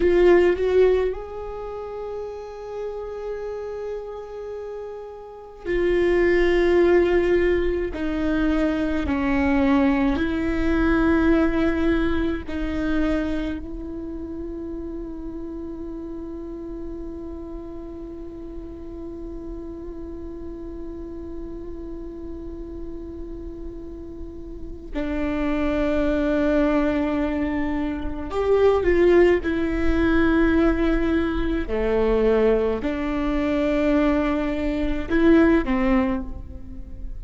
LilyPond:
\new Staff \with { instrumentName = "viola" } { \time 4/4 \tempo 4 = 53 f'8 fis'8 gis'2.~ | gis'4 f'2 dis'4 | cis'4 e'2 dis'4 | e'1~ |
e'1~ | e'2 d'2~ | d'4 g'8 f'8 e'2 | a4 d'2 e'8 c'8 | }